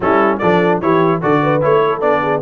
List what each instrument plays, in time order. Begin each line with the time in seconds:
0.00 tuba G3, trombone C#4, horn E4, trumpet A4
0.38 tuba F3, trombone D4, horn A4, trumpet D5
0.81 tuba E3, trombone E4, horn G4, trumpet C#5
1.21 tuba D3, trombone F#4, horn A4, trumpet D5
1.42 horn B4
1.61 tuba A3, trombone E4, trumpet C#5
1.86 horn A4
2.00 tuba B3, trombone D4, trumpet D5
2.22 horn G#4